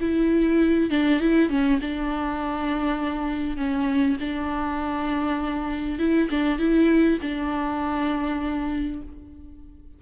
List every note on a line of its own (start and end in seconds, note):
0.00 0.90 E4
0.90 1.20 D4
1.20 1.49 E4
1.49 1.79 C#4
1.81 3.57 D4
3.57 4.17 C#4
4.21 5.99 D4
5.99 6.29 E4
6.30 6.59 D4
6.59 7.19 E4
7.22 9.02 D4